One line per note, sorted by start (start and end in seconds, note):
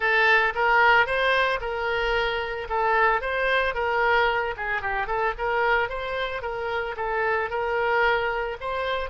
0.00 0.53 A4
0.54 1.06 A#4
1.06 1.59 C5
1.60 2.67 A#4
2.69 3.21 A4
3.21 3.74 C5
3.74 4.54 A#4
4.57 4.81 G#4
4.81 5.06 G4
5.06 5.33 A4
5.38 5.89 A#4
5.89 6.42 C5
6.42 6.95 A#4
6.96 7.50 A4
7.50 8.57 A#4
8.60 9.09 C5